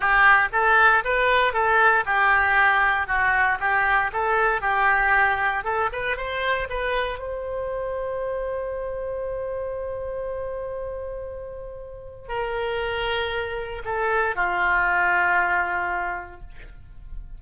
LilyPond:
\new Staff \with { instrumentName = "oboe" } { \time 4/4 \tempo 4 = 117 g'4 a'4 b'4 a'4 | g'2 fis'4 g'4 | a'4 g'2 a'8 b'8 | c''4 b'4 c''2~ |
c''1~ | c''1 | ais'2. a'4 | f'1 | }